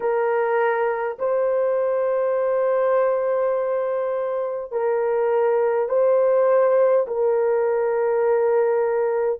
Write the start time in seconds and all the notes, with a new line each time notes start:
0.00 A#4
1.18 C5
4.71 A#4
5.88 C5
7.07 A#4